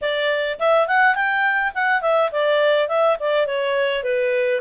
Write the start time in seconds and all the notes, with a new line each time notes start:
0.01 D5
0.59 E5
0.87 F#5
1.15 G5
1.74 F#5
2.01 E5
2.31 D5
2.88 E5
3.19 D5
3.46 C#5
4.03 B4